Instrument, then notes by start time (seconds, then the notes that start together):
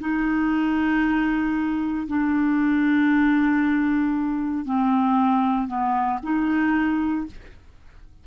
clarinet
0.00 D#4
2.07 D4
4.65 C4
5.68 B3
6.23 D#4